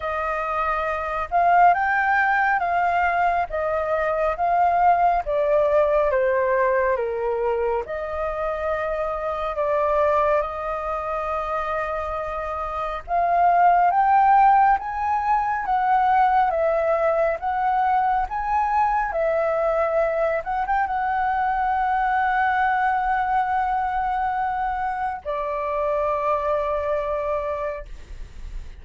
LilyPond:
\new Staff \with { instrumentName = "flute" } { \time 4/4 \tempo 4 = 69 dis''4. f''8 g''4 f''4 | dis''4 f''4 d''4 c''4 | ais'4 dis''2 d''4 | dis''2. f''4 |
g''4 gis''4 fis''4 e''4 | fis''4 gis''4 e''4. fis''16 g''16 | fis''1~ | fis''4 d''2. | }